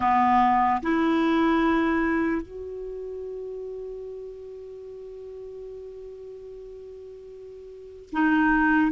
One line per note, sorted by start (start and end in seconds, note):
0.00 0.81 B3
0.82 2.42 E4
2.42 8.09 F#4
8.12 8.91 D#4